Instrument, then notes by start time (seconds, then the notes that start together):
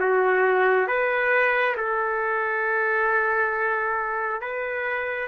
trumpet
0.00 F#4
0.88 B4
1.77 A4
4.42 B4